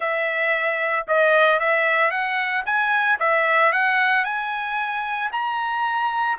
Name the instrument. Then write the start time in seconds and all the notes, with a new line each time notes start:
trumpet
0.00 E5
1.07 D#5
1.59 E5
2.10 F#5
2.65 G#5
3.19 E5
3.72 F#5
4.24 G#5
5.32 A#5